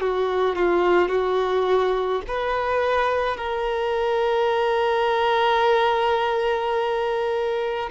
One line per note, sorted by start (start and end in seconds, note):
0.00 0.55 F#4
0.55 1.08 F4
1.08 2.21 F#4
2.27 3.36 B4
3.36 7.89 A#4